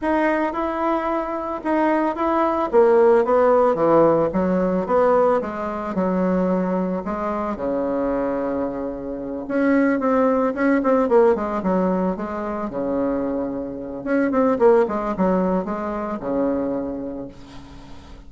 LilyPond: \new Staff \with { instrumentName = "bassoon" } { \time 4/4 \tempo 4 = 111 dis'4 e'2 dis'4 | e'4 ais4 b4 e4 | fis4 b4 gis4 fis4~ | fis4 gis4 cis2~ |
cis4. cis'4 c'4 cis'8 | c'8 ais8 gis8 fis4 gis4 cis8~ | cis2 cis'8 c'8 ais8 gis8 | fis4 gis4 cis2 | }